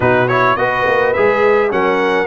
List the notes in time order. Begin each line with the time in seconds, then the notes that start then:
0.00 B2 D#4 F#4 B4
0.28 E4 C#5
0.56 B3 F#4 B4 D#5
0.86 A#3
1.13 G#3 G#4 E5
1.70 F#3 C#4 A#4 F#5